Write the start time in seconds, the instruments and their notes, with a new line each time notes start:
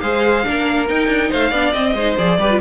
0.00 cello G#3, viola G#4, violin C5 F5
0.43 cello A#3, viola D4, violin A#4
0.88 viola D#4, cello D#4, violin G5
1.07 cello D4
1.30 cello A3, violin C5 F5
1.50 cello B3, viola D4, violin D5
1.72 cello C4, viola C4, violin D#5
1.94 cello G#3, viola D#4, violin C5
2.17 cello F3, viola G#4, violin D5
2.38 cello G3, viola G4, violin B4
2.50 viola F4